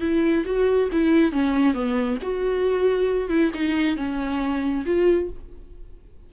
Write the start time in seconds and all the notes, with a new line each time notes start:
0.00 E4
0.45 F#4
0.91 E4
1.32 C#4
1.74 B3
2.22 F#4
3.29 E4
3.54 D#4
3.96 C#4
4.85 F4